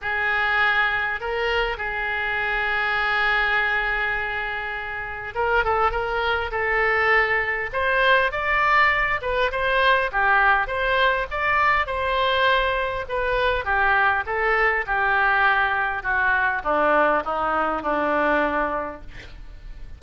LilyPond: \new Staff \with { instrumentName = "oboe" } { \time 4/4 \tempo 4 = 101 gis'2 ais'4 gis'4~ | gis'1~ | gis'4 ais'8 a'8 ais'4 a'4~ | a'4 c''4 d''4. b'8 |
c''4 g'4 c''4 d''4 | c''2 b'4 g'4 | a'4 g'2 fis'4 | d'4 dis'4 d'2 | }